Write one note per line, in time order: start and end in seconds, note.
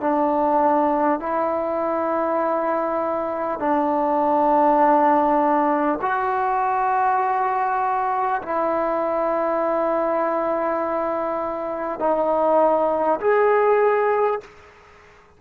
0.00 1.19 D4
1.19 3.59 E4
3.59 5.99 D4
6.01 8.41 F#4
8.42 11.99 E4
11.99 13.19 D#4
13.20 14.40 G#4